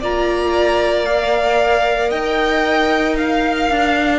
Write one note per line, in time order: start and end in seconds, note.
0.00 2.11 A#3
0.00 1.06 F4
0.00 2.10 D5
0.00 1.05 A#5
1.05 4.18 A#4
1.05 2.10 F5
2.10 3.69 D#4
2.10 3.15 D#5
2.10 3.16 G5
3.17 4.18 F5
3.70 4.18 D4